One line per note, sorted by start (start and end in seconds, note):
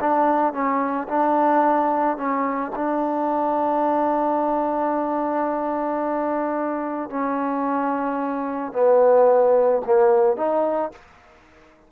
0.00 0.53 D4
0.53 1.07 C#4
1.08 2.17 D4
2.17 2.71 C#4
2.75 7.10 D4
7.10 8.72 C#4
8.72 9.82 B3
9.85 10.37 A#3
10.37 10.91 D#4